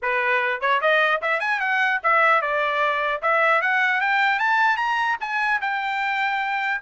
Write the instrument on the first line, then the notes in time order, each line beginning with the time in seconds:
trumpet
0.02 B4
0.60 C#5
0.81 D#5
1.21 E5
1.40 G#5
1.60 F#5
2.03 E5
2.41 D5
3.22 E5
3.61 F#5
4.01 G5
4.39 A5
4.77 A#5
5.20 G#5
5.61 G5